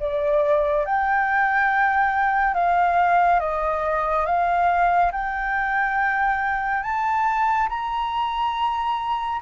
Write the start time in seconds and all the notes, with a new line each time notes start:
0.00 D5
0.85 G5
2.54 F5
3.40 D#5
4.26 F5
5.12 G5
6.83 A5
7.69 A#5